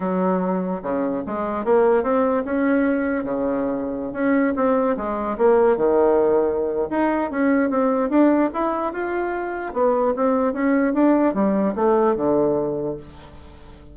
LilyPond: \new Staff \with { instrumentName = "bassoon" } { \time 4/4 \tempo 4 = 148 fis2 cis4 gis4 | ais4 c'4 cis'2 | cis2~ cis16 cis'4 c'8.~ | c'16 gis4 ais4 dis4.~ dis16~ |
dis4 dis'4 cis'4 c'4 | d'4 e'4 f'2 | b4 c'4 cis'4 d'4 | g4 a4 d2 | }